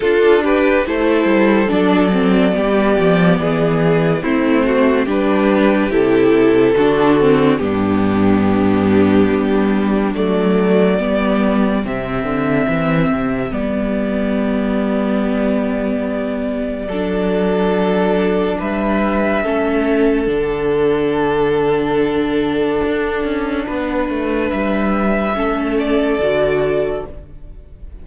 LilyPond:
<<
  \new Staff \with { instrumentName = "violin" } { \time 4/4 \tempo 4 = 71 a'8 b'8 c''4 d''2~ | d''4 c''4 b'4 a'4~ | a'4 g'2. | d''2 e''2 |
d''1~ | d''2 e''2 | fis''1~ | fis''4 e''4. d''4. | }
  \new Staff \with { instrumentName = "violin" } { \time 4/4 f'8 g'8 a'2 g'4 | gis'4 e'8 fis'8 g'2 | fis'4 d'2.~ | d'4 g'2.~ |
g'1 | a'2 b'4 a'4~ | a'1 | b'2 a'2 | }
  \new Staff \with { instrumentName = "viola" } { \time 4/4 d'4 e'4 d'8 c'8 b4~ | b4 c'4 d'4 e'4 | d'8 c'8 b2. | a4 b4 c'2 |
b1 | d'2. cis'4 | d'1~ | d'2 cis'4 fis'4 | }
  \new Staff \with { instrumentName = "cello" } { \time 4/4 d'4 a8 g8 fis4 g8 f8 | e4 a4 g4 c4 | d4 g,2 g4 | fis4 g4 c8 d8 e8 c8 |
g1 | fis2 g4 a4 | d2. d'8 cis'8 | b8 a8 g4 a4 d4 | }
>>